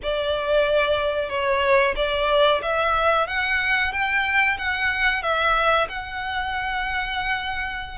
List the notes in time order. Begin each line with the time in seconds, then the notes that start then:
0.03 D5
1.29 C#5
1.96 D5
2.61 E5
3.27 F#5
3.92 G5
4.58 F#5
5.22 E5
5.88 F#5